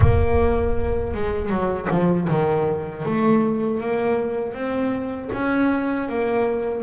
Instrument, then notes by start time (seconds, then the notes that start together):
double bass
0.00 A#3
1.14 G#3
1.49 F#3
1.90 F3
2.29 D#3
3.05 A3
3.80 A#3
4.53 C4
5.33 C#4
6.08 A#3